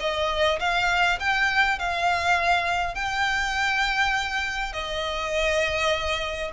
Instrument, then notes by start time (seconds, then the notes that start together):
violin
0.00 D#5
0.60 F5
1.20 G5
1.79 F5
2.95 G5
4.73 D#5